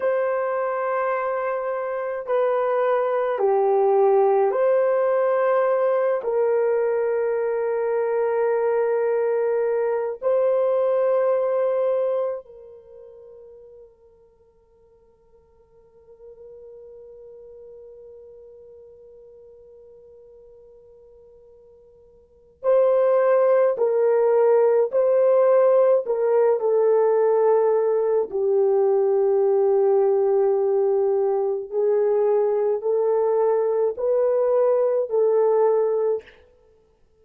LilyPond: \new Staff \with { instrumentName = "horn" } { \time 4/4 \tempo 4 = 53 c''2 b'4 g'4 | c''4. ais'2~ ais'8~ | ais'4 c''2 ais'4~ | ais'1~ |
ais'1 | c''4 ais'4 c''4 ais'8 a'8~ | a'4 g'2. | gis'4 a'4 b'4 a'4 | }